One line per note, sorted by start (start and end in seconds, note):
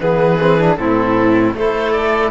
0.00 0.78 E3
0.00 0.39 B3
0.00 0.79 G#4
0.00 0.76 B4
0.40 0.59 C4
0.59 0.79 D4
0.76 1.54 A2
0.76 1.56 C4
0.76 1.56 E4
0.76 1.53 A4
1.54 2.31 A3
1.54 2.31 E4
1.54 2.31 A4
1.54 1.92 C5
1.92 2.31 D5